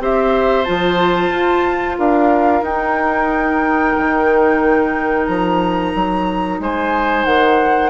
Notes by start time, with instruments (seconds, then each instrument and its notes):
0.00 bassoon C4, clarinet G4, oboe C5, flute E5
0.64 bassoon F3, clarinet F4, flute A5
1.30 bassoon F4
1.98 bassoon D4, oboe A#4, flute F5
2.62 bassoon D#4, clarinet D#4, flute G5
3.97 bassoon D#3
5.27 bassoon F3, flute A#5
5.95 bassoon F#3
6.60 bassoon G#3, oboe C5, flute G#5
7.25 bassoon D#3, flute F#5